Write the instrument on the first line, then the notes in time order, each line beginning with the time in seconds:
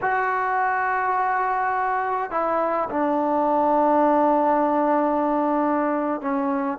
trombone
0.01 F#4
2.31 E4
2.90 D4
6.21 C#4